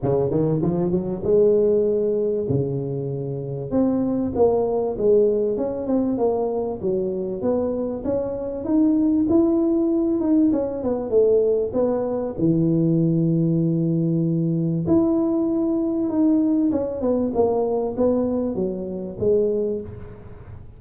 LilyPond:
\new Staff \with { instrumentName = "tuba" } { \time 4/4 \tempo 4 = 97 cis8 dis8 f8 fis8 gis2 | cis2 c'4 ais4 | gis4 cis'8 c'8 ais4 fis4 | b4 cis'4 dis'4 e'4~ |
e'8 dis'8 cis'8 b8 a4 b4 | e1 | e'2 dis'4 cis'8 b8 | ais4 b4 fis4 gis4 | }